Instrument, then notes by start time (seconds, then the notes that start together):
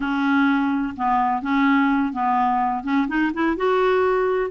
clarinet
0.00 C#4
0.97 B3
1.42 C#4
2.13 B3
2.83 C#4
3.08 D#4
3.33 E4
3.56 F#4